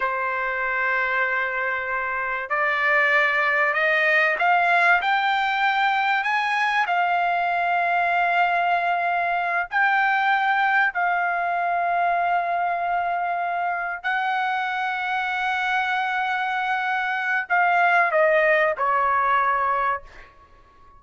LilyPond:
\new Staff \with { instrumentName = "trumpet" } { \time 4/4 \tempo 4 = 96 c''1 | d''2 dis''4 f''4 | g''2 gis''4 f''4~ | f''2.~ f''8 g''8~ |
g''4. f''2~ f''8~ | f''2~ f''8 fis''4.~ | fis''1 | f''4 dis''4 cis''2 | }